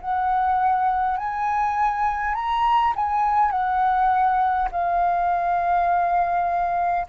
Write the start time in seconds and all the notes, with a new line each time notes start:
0.00 F#5
1.17 G#5
2.34 A#5
2.95 G#5
3.51 F#5
4.71 F5